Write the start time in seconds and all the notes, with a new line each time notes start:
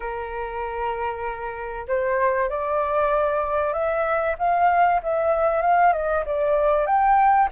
0.00 A#4
1.87 C5
2.49 D5
3.73 E5
4.38 F5
5.02 E5
5.61 F5
5.92 D#5
6.25 D5
6.86 G5